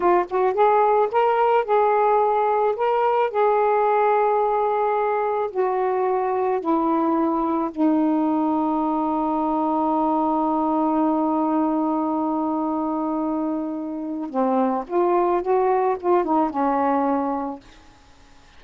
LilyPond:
\new Staff \with { instrumentName = "saxophone" } { \time 4/4 \tempo 4 = 109 f'8 fis'8 gis'4 ais'4 gis'4~ | gis'4 ais'4 gis'2~ | gis'2 fis'2 | e'2 dis'2~ |
dis'1~ | dis'1~ | dis'2 c'4 f'4 | fis'4 f'8 dis'8 cis'2 | }